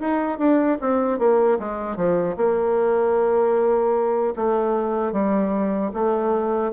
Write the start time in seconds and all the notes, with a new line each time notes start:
0.00 D#4
0.38 D4
0.81 C4
1.19 A#3
1.59 G#3
1.97 F3
2.37 A#3
4.36 A3
5.12 G3
5.94 A3